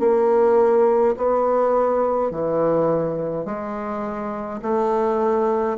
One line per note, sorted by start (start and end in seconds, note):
0.00 1.15 A#3
1.17 2.31 B3
2.31 3.46 E3
3.46 4.61 G#3
4.62 5.77 A3